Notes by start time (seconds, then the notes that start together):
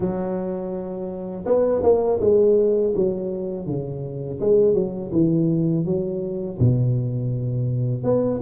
0.00 F#3
1.45 B3
1.83 A#3
2.20 G#3
2.95 F#3
3.66 C#3
4.40 G#3
4.74 F#3
5.12 E3
5.85 F#3
6.59 B2
8.03 B3